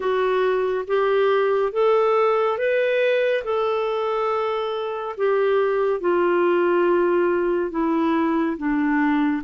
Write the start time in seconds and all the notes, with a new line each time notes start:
0.00 F#4
0.86 G4
1.72 A4
2.58 B4
3.44 A4
5.17 G4
6.00 F4
7.71 E4
8.57 D4